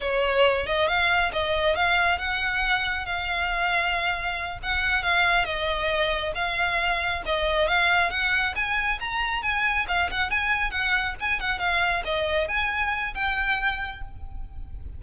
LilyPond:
\new Staff \with { instrumentName = "violin" } { \time 4/4 \tempo 4 = 137 cis''4. dis''8 f''4 dis''4 | f''4 fis''2 f''4~ | f''2~ f''8 fis''4 f''8~ | f''8 dis''2 f''4.~ |
f''8 dis''4 f''4 fis''4 gis''8~ | gis''8 ais''4 gis''4 f''8 fis''8 gis''8~ | gis''8 fis''4 gis''8 fis''8 f''4 dis''8~ | dis''8 gis''4. g''2 | }